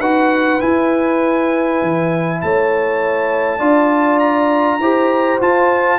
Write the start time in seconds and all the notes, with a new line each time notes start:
0.00 D#4 F#4 B4 F#5
0.60 E4 G#5
1.82 E3
2.42 A3 C#5 A5
3.59 D4 F4 D5
4.20 A#5
4.80 E4 G4 C5
5.41 F4 A5